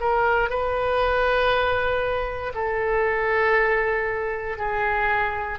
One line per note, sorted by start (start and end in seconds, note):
0.00 0.49 A#4
0.49 2.53 B4
2.54 4.57 A4
4.57 5.59 G#4